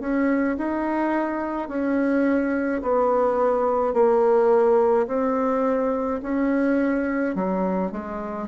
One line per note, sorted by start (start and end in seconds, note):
0.00 0.57 C#4
0.58 1.69 D#4
1.69 2.82 C#4
2.82 3.94 B3
3.94 5.07 A#3
5.07 6.20 C4
6.23 7.35 C#4
7.35 7.91 F#3
7.91 8.48 G#3